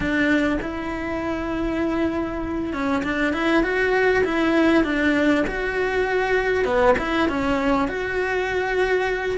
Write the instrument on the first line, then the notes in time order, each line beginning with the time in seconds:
cello
0.00 D4
0.61 E4
2.73 C#4
3.03 D4
3.33 E4
3.63 F#4
4.24 E4
4.84 D4
5.47 F#4
6.64 B3
6.98 E4
7.28 C#4
7.88 F#4